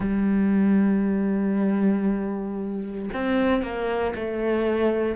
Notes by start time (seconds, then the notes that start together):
0.00 G3
3.13 C4
3.62 A#3
4.15 A3